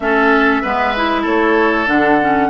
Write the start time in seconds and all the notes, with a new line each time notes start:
0.00 A3 C#4 A4 E5
0.61 G#3 B3 B4
0.96 E4
1.21 A3 A4 C#5
1.86 D3 D4 F#5
2.21 C#4